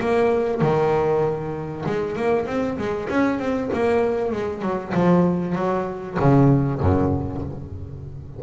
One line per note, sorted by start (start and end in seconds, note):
0.00 0.62 A#3
0.62 1.85 D#3
1.86 2.17 G#3
2.17 2.47 A#3
2.47 2.78 C4
2.78 3.09 G#3
3.09 3.39 C#4
3.39 3.70 C4
3.73 4.33 A#3
4.33 4.62 G#3
4.62 4.93 F#3
4.94 5.55 F3
5.55 6.17 F#3
6.20 6.80 C#3
6.80 7.42 F#2